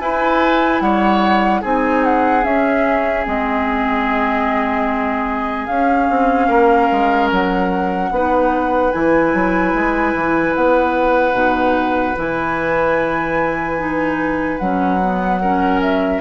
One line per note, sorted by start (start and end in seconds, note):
0.00 0.81 E4
0.00 1.63 E4
0.00 0.83 B4
0.00 0.81 G#5
0.81 1.62 G3
0.81 1.61 C#5
0.81 1.62 F#5
1.61 2.45 C4
1.61 2.42 D#4
1.61 6.48 G#4
1.61 2.04 G#5
2.04 2.44 F#5
2.42 3.23 C#4
2.42 3.26 C#4
2.42 3.25 E5
3.24 5.68 G#3
3.24 5.68 C4
3.24 5.66 D#5
5.66 6.09 C#4
5.66 8.14 C#4
5.66 7.28 F5
6.09 6.48 C4
6.48 6.89 A#3
6.48 8.10 A#4
6.92 7.31 G#3
7.31 8.11 F#3
7.31 8.92 F#5
8.11 8.92 B3
8.11 8.93 D#4
8.11 15.41 B4
8.92 9.34 E3
8.92 11.32 E4
8.92 10.54 G#5
9.34 9.74 F#3
9.74 10.14 G#3
10.14 10.54 E3
10.55 11.33 B3
10.55 12.17 F#5
11.32 12.14 B2
11.32 12.13 D#4
12.16 14.60 E3
12.16 13.78 E4
12.16 14.58 G#5
13.78 14.59 D#4
14.58 16.21 F#3
14.58 15.01 C#4
14.58 15.80 F#5
15.01 15.42 B3
15.41 16.21 C#4
15.41 16.21 A#4
15.81 16.21 E5